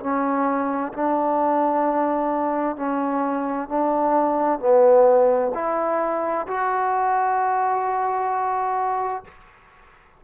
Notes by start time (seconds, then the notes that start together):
0.00 C#4
0.93 D4
2.76 C#4
3.68 D4
4.59 B3
5.54 E4
6.47 F#4